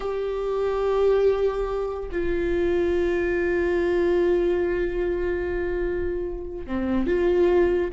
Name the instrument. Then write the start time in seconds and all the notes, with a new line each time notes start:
viola
0.00 G4
2.11 F4
6.66 C4
7.06 F4